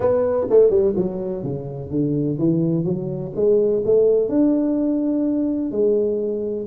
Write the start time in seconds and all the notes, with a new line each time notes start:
0.00 B3
0.50 A3
0.69 G3
0.96 F#3
1.43 C#3
1.90 D3
2.38 E3
2.84 F#3
3.35 G#3
3.85 A3
4.28 D4
5.71 G#3